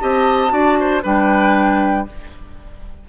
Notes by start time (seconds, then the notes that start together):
0.00 C4 G4 D#5 A5
0.49 D4 F#4 D5
0.80 C5
1.03 G3 D4 B4 G5